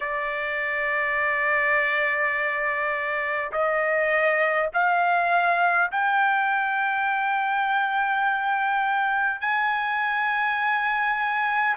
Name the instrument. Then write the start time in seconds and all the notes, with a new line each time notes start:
trumpet
0.00 D5
3.51 D#5
4.73 F5
5.91 G5
9.41 G#5